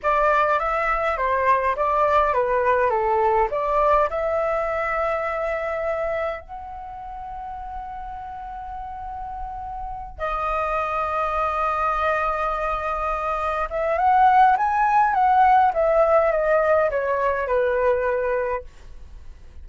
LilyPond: \new Staff \with { instrumentName = "flute" } { \time 4/4 \tempo 4 = 103 d''4 e''4 c''4 d''4 | b'4 a'4 d''4 e''4~ | e''2. fis''4~ | fis''1~ |
fis''4. dis''2~ dis''8~ | dis''2.~ dis''8 e''8 | fis''4 gis''4 fis''4 e''4 | dis''4 cis''4 b'2 | }